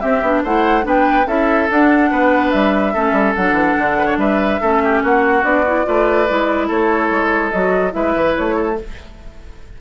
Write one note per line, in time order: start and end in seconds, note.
0.00 0.22 C4
0.00 0.43 G4
0.00 0.42 E5
0.22 0.43 B3
0.22 0.45 D4
0.43 0.85 A3
0.43 0.82 E4
0.43 0.84 C5
0.43 0.86 F#5
0.82 1.26 B3
0.82 1.24 D4
0.82 1.26 B4
0.88 1.27 G5
1.26 1.68 C#4
1.26 1.69 E4
1.26 2.10 A4
1.26 1.69 E5
1.71 2.11 D4
1.71 2.94 D4
1.71 2.50 F#5
2.10 2.53 B3
2.10 2.93 B4
2.50 2.95 G3
2.50 3.33 E5
2.93 3.12 A3
2.93 3.36 C#4
2.93 3.97 A4
3.12 3.33 G3
3.35 3.52 F#3
3.35 4.62 D4
3.35 4.18 F#5
3.52 3.73 E3
3.78 4.17 D3
3.98 4.05 B4
4.05 4.16 C#5
4.17 4.58 G3
4.17 4.60 B4
4.17 5.02 E5
4.60 5.03 A3
4.60 5.43 C#4
4.60 4.81 A4
4.84 5.02 G4
5.02 5.43 A#3
5.02 5.86 F#4
5.02 5.43 F#5
5.43 5.85 B3
5.43 5.63 D4
5.43 6.68 D5
5.66 5.84 E4
5.84 6.29 A3
5.84 6.26 F4
5.84 6.67 B4
6.28 6.70 G#3
6.28 7.52 E4
6.67 7.10 A3
6.67 7.92 A4
6.67 7.50 C#5
7.10 7.52 G#3
7.50 7.94 F#3
7.50 7.91 F#4
7.50 7.92 D#5
7.91 8.15 G#3
7.91 8.74 E4
7.91 8.55 B4
7.91 8.35 E5
8.15 8.36 E3
8.36 8.81 A3
8.36 8.78 C#5
8.55 8.76 A4